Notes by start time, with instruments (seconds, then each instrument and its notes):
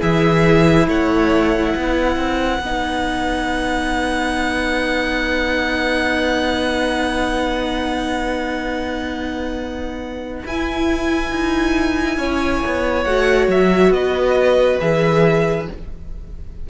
0.00 cello E3, viola E4, violin G#4 E5
0.88 cello A3, violin C#5 F#5
1.74 cello B3, violin B4
2.17 cello C4
2.61 cello B3, viola D#4
10.45 cello E4, viola E4, violin G#5
11.32 cello D#4
12.18 cello C#4, violin C#5
12.66 cello B3
13.04 cello A3, viola F#4, violin F#5
13.48 cello F#3, violin E5
13.91 cello B3, violin B4 D#5
14.80 cello E3, viola G#4, violin E5